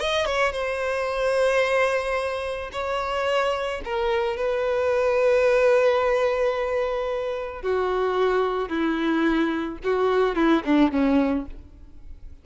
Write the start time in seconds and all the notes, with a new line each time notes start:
0.00 D#5
0.26 C#5
0.53 C5
2.72 C#5
3.85 A#4
4.37 B4
7.62 F#4
8.69 E4
9.84 F#4
10.36 E4
10.65 D4
10.92 C#4